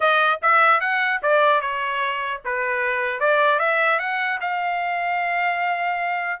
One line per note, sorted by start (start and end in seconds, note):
0.00 0.40 D#5
0.41 0.80 E5
0.80 1.20 F#5
1.22 1.61 D5
1.61 2.41 C#5
2.44 3.20 B4
3.20 3.59 D5
3.59 3.99 E5
3.99 4.39 F#5
4.41 6.40 F5